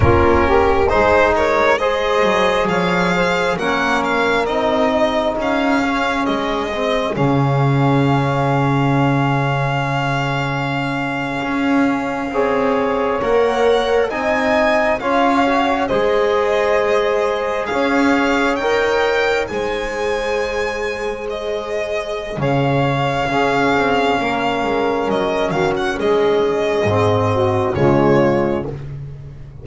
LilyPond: <<
  \new Staff \with { instrumentName = "violin" } { \time 4/4 \tempo 4 = 67 ais'4 c''8 cis''8 dis''4 f''4 | fis''8 f''8 dis''4 f''4 dis''4 | f''1~ | f''2~ f''8. fis''4 gis''16~ |
gis''8. f''4 dis''2 f''16~ | f''8. g''4 gis''2 dis''16~ | dis''4 f''2. | dis''8 f''16 fis''16 dis''2 cis''4 | }
  \new Staff \with { instrumentName = "saxophone" } { \time 4/4 f'8 g'8 gis'8 ais'8 c''4 cis''8 c''8 | ais'4. gis'2~ gis'8~ | gis'1~ | gis'4.~ gis'16 cis''2 dis''16~ |
dis''8. cis''4 c''2 cis''16~ | cis''4.~ cis''16 c''2~ c''16~ | c''4 cis''4 gis'4 ais'4~ | ais'8 fis'8 gis'4. fis'8 f'4 | }
  \new Staff \with { instrumentName = "trombone" } { \time 4/4 cis'4 dis'4 gis'2 | cis'4 dis'4. cis'4 c'8 | cis'1~ | cis'4.~ cis'16 gis'4 ais'4 dis'16~ |
dis'8. f'8 fis'8 gis'2~ gis'16~ | gis'8. ais'4 gis'2~ gis'16~ | gis'2 cis'2~ | cis'2 c'4 gis4 | }
  \new Staff \with { instrumentName = "double bass" } { \time 4/4 ais4 gis4. fis8 f4 | ais4 c'4 cis'4 gis4 | cis1~ | cis8. cis'4 c'4 ais4 c'16~ |
c'8. cis'4 gis2 cis'16~ | cis'8. dis'4 gis2~ gis16~ | gis4 cis4 cis'8 c'8 ais8 gis8 | fis8 dis8 gis4 gis,4 cis4 | }
>>